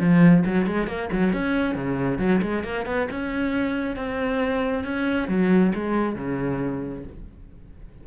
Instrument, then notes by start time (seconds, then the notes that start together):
cello
0.00 F3
0.46 F#3
0.67 G#3
0.87 A#3
1.12 F#3
1.33 C#4
1.75 C#3
2.19 F#3
2.42 G#3
2.64 A#3
2.86 B3
3.11 C#4
3.96 C4
4.84 C#4
5.28 F#3
5.75 G#3
6.16 C#3